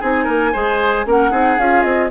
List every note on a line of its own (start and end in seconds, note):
0.00 0.28 C4
0.00 0.54 D#4
0.00 0.24 G#4
0.00 1.09 G#5
0.24 0.54 A#3
0.24 0.51 A#4
0.53 1.06 G#3
0.53 1.06 G#4
0.53 1.06 C5
1.06 1.32 A#3
1.06 1.31 C#4
1.06 1.31 A#4
1.06 1.59 F#5
1.31 1.58 C4
1.31 1.57 D#4
1.31 2.10 G#4
1.58 1.84 C#4
1.58 2.11 F4
1.58 1.83 F5
1.83 2.10 C4
1.83 2.09 D#5